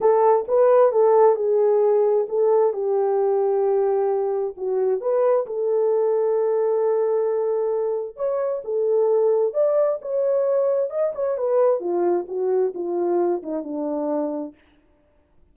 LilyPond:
\new Staff \with { instrumentName = "horn" } { \time 4/4 \tempo 4 = 132 a'4 b'4 a'4 gis'4~ | gis'4 a'4 g'2~ | g'2 fis'4 b'4 | a'1~ |
a'2 cis''4 a'4~ | a'4 d''4 cis''2 | dis''8 cis''8 b'4 f'4 fis'4 | f'4. dis'8 d'2 | }